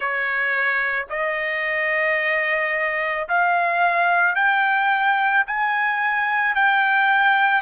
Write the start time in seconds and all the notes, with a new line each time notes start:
0.00 C#5
1.09 D#5
3.28 F5
4.35 G5
5.46 G#5
6.55 G5